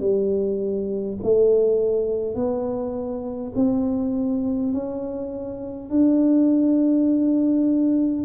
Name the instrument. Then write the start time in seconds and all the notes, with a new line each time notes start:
tuba
0.00 G3
1.22 A3
2.35 B3
3.56 C4
4.73 C#4
5.90 D4